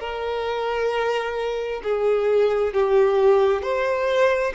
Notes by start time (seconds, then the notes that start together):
0.00 A#4
1.84 G#4
2.74 G4
3.62 C5